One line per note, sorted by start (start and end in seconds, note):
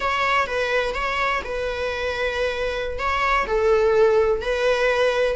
0.00 0.46 C#5
0.46 0.94 B4
0.94 1.42 C#5
1.44 2.98 B4
2.98 3.46 C#5
3.46 4.41 A4
4.41 5.36 B4